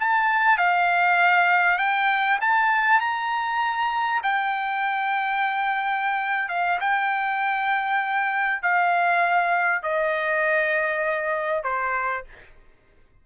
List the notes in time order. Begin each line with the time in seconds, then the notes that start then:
0.00 A5
0.58 F5
1.78 G5
2.41 A5
3.00 A#5
4.23 G5
6.49 F5
6.80 G5
8.62 F5
9.83 D#5
11.64 C5